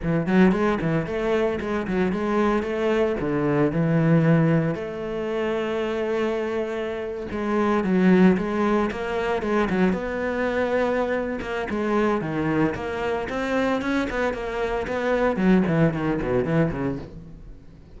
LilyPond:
\new Staff \with { instrumentName = "cello" } { \time 4/4 \tempo 4 = 113 e8 fis8 gis8 e8 a4 gis8 fis8 | gis4 a4 d4 e4~ | e4 a2.~ | a4.~ a16 gis4 fis4 gis16~ |
gis8. ais4 gis8 fis8 b4~ b16~ | b4. ais8 gis4 dis4 | ais4 c'4 cis'8 b8 ais4 | b4 fis8 e8 dis8 b,8 e8 cis8 | }